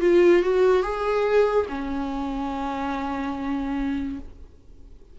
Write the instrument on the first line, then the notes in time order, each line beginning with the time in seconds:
viola
0.00 F4
0.42 F#4
0.83 G#4
1.69 C#4